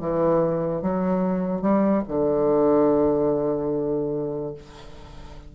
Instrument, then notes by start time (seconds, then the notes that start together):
bassoon
0.00 E3
0.82 F#3
1.61 G3
2.08 D3